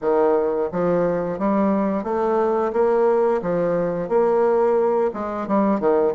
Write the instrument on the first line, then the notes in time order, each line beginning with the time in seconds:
bassoon
0.01 D#3
0.72 F3
1.39 G3
2.03 A3
2.73 A#3
3.42 F3
4.08 A#3
5.13 G#3
5.47 G3
5.80 D#3